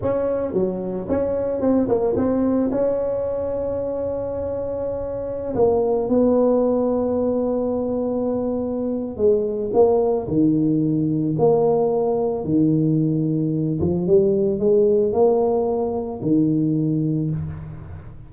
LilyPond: \new Staff \with { instrumentName = "tuba" } { \time 4/4 \tempo 4 = 111 cis'4 fis4 cis'4 c'8 ais8 | c'4 cis'2.~ | cis'2~ cis'16 ais4 b8.~ | b1~ |
b4 gis4 ais4 dis4~ | dis4 ais2 dis4~ | dis4. f8 g4 gis4 | ais2 dis2 | }